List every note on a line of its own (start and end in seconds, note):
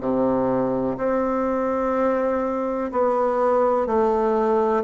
0.00 0.97 C3
0.97 2.91 C4
2.92 3.86 B3
3.86 4.83 A3